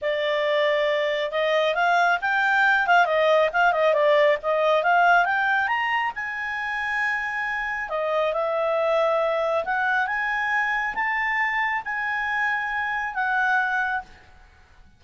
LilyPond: \new Staff \with { instrumentName = "clarinet" } { \time 4/4 \tempo 4 = 137 d''2. dis''4 | f''4 g''4. f''8 dis''4 | f''8 dis''8 d''4 dis''4 f''4 | g''4 ais''4 gis''2~ |
gis''2 dis''4 e''4~ | e''2 fis''4 gis''4~ | gis''4 a''2 gis''4~ | gis''2 fis''2 | }